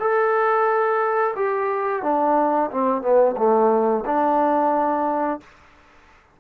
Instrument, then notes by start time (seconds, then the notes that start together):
trombone
0.00 A4
1.36 G4
2.03 D4
2.71 C4
3.02 B3
3.37 A3
4.06 D4